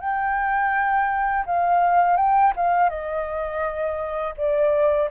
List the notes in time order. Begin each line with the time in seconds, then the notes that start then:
0.00 G5
1.46 F5
2.17 G5
2.56 F5
2.89 D#5
4.37 D5